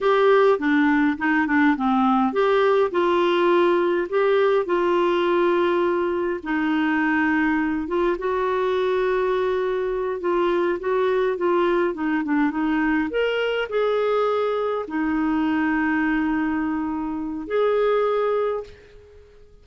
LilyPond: \new Staff \with { instrumentName = "clarinet" } { \time 4/4 \tempo 4 = 103 g'4 d'4 dis'8 d'8 c'4 | g'4 f'2 g'4 | f'2. dis'4~ | dis'4. f'8 fis'2~ |
fis'4. f'4 fis'4 f'8~ | f'8 dis'8 d'8 dis'4 ais'4 gis'8~ | gis'4. dis'2~ dis'8~ | dis'2 gis'2 | }